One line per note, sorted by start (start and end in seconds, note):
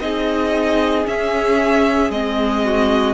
0.00 1.06 C4
0.00 1.06 D#4
0.00 2.65 G#4
0.00 1.05 D#5
1.06 2.11 C#4
1.06 2.10 C#4
1.06 2.11 E5
2.10 3.14 G#3
2.10 3.14 C4
2.10 3.14 D#5
2.65 3.14 F#4